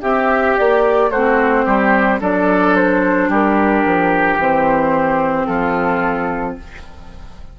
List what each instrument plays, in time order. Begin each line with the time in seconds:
0.00 bassoon C4, oboe G4, clarinet G4, flute E5
0.57 bassoon A#3, flute D5
1.10 bassoon A3, oboe F#4, flute C5
1.16 clarinet C4
1.65 bassoon G3, oboe G4
2.20 bassoon F#3, clarinet D4, oboe A4, flute D5
2.75 flute C5
3.28 bassoon G3, oboe G4, flute A#4
3.85 bassoon F3
4.36 bassoon E3, clarinet C4, flute C5
5.46 bassoon F3, oboe F4, flute A4